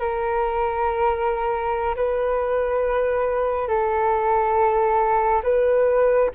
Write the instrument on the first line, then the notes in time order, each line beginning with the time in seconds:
flute
0.00 A#4
1.96 B4
3.68 A4
5.43 B4